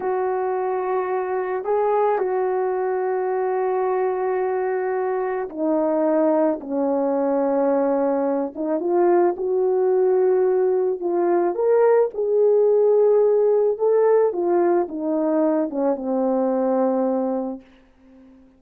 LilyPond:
\new Staff \with { instrumentName = "horn" } { \time 4/4 \tempo 4 = 109 fis'2. gis'4 | fis'1~ | fis'2 dis'2 | cis'2.~ cis'8 dis'8 |
f'4 fis'2. | f'4 ais'4 gis'2~ | gis'4 a'4 f'4 dis'4~ | dis'8 cis'8 c'2. | }